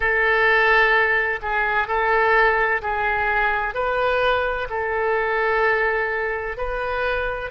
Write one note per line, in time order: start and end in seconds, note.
0.00 1.39 A4
1.42 1.87 G#4
1.87 2.81 A4
2.82 3.74 G#4
3.74 4.67 B4
4.69 6.57 A4
6.57 7.50 B4